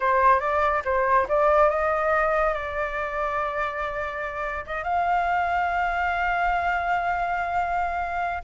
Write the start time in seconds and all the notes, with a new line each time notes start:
0.00 C5
0.40 D5
0.85 C5
1.28 D5
1.69 D#5
2.53 D5
4.66 D#5
4.83 F5